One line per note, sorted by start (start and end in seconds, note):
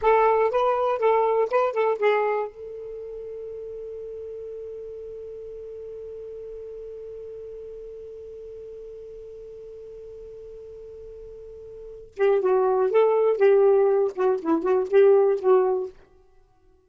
0.01 0.50 A4
0.50 0.98 B4
0.98 1.48 A4
1.50 1.72 B4
1.72 1.97 A4
1.98 2.47 G#4
2.47 12.14 A4
12.16 12.41 G4
12.41 12.91 F#4
12.91 13.36 A4
13.36 14.11 G4
14.15 14.40 F#4
14.41 14.62 E4
14.62 14.87 F#4
14.90 15.39 G4
15.39 15.89 F#4